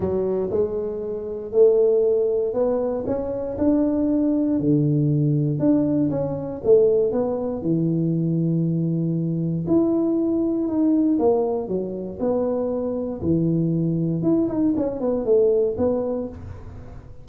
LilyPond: \new Staff \with { instrumentName = "tuba" } { \time 4/4 \tempo 4 = 118 fis4 gis2 a4~ | a4 b4 cis'4 d'4~ | d'4 d2 d'4 | cis'4 a4 b4 e4~ |
e2. e'4~ | e'4 dis'4 ais4 fis4 | b2 e2 | e'8 dis'8 cis'8 b8 a4 b4 | }